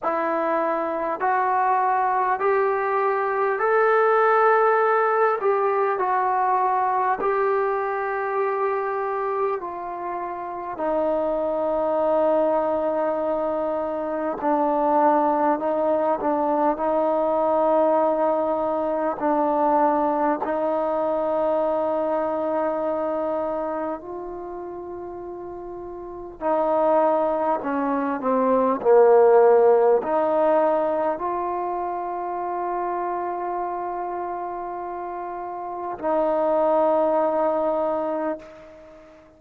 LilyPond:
\new Staff \with { instrumentName = "trombone" } { \time 4/4 \tempo 4 = 50 e'4 fis'4 g'4 a'4~ | a'8 g'8 fis'4 g'2 | f'4 dis'2. | d'4 dis'8 d'8 dis'2 |
d'4 dis'2. | f'2 dis'4 cis'8 c'8 | ais4 dis'4 f'2~ | f'2 dis'2 | }